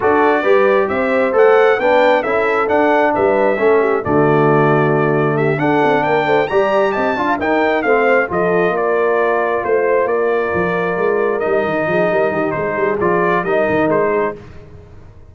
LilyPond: <<
  \new Staff \with { instrumentName = "trumpet" } { \time 4/4 \tempo 4 = 134 d''2 e''4 fis''4 | g''4 e''4 fis''4 e''4~ | e''4 d''2. | e''8 fis''4 g''4 ais''4 a''8~ |
a''8 g''4 f''4 dis''4 d''8~ | d''4. c''4 d''4.~ | d''4. dis''2~ dis''8 | c''4 d''4 dis''4 c''4 | }
  \new Staff \with { instrumentName = "horn" } { \time 4/4 a'4 b'4 c''2 | b'4 a'2 b'4 | a'8 g'8 fis'2. | g'8 a'4 ais'8 c''8 d''4 dis''8 |
f''8 ais'4 c''4 a'4 ais'8~ | ais'4. c''4 ais'4.~ | ais'2~ ais'8 gis'8 ais'8 g'8 | gis'2 ais'4. gis'8 | }
  \new Staff \with { instrumentName = "trombone" } { \time 4/4 fis'4 g'2 a'4 | d'4 e'4 d'2 | cis'4 a2.~ | a8 d'2 g'4. |
f'8 dis'4 c'4 f'4.~ | f'1~ | f'4. dis'2~ dis'8~ | dis'4 f'4 dis'2 | }
  \new Staff \with { instrumentName = "tuba" } { \time 4/4 d'4 g4 c'4 a4 | b4 cis'4 d'4 g4 | a4 d2.~ | d8 d'8 c'8 ais8 a8 g4 c'8 |
d'8 dis'4 a4 f4 ais8~ | ais4. a4 ais4 f8~ | f8 gis4 g8 dis8 f8 g8 dis8 | gis8 g8 f4 g8 dis8 gis4 | }
>>